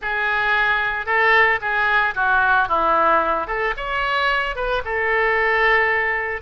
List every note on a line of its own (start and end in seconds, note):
0.01 1.06 G#4
1.06 1.59 A4
1.61 2.14 G#4
2.15 2.68 F#4
2.68 3.47 E4
3.47 3.74 A4
3.76 4.55 C#5
4.55 4.82 B4
4.84 6.41 A4